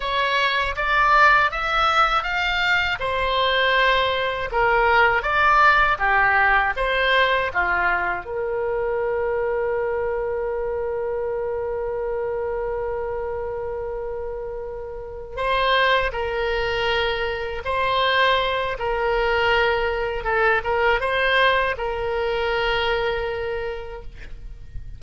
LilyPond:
\new Staff \with { instrumentName = "oboe" } { \time 4/4 \tempo 4 = 80 cis''4 d''4 e''4 f''4 | c''2 ais'4 d''4 | g'4 c''4 f'4 ais'4~ | ais'1~ |
ais'1~ | ais'8 c''4 ais'2 c''8~ | c''4 ais'2 a'8 ais'8 | c''4 ais'2. | }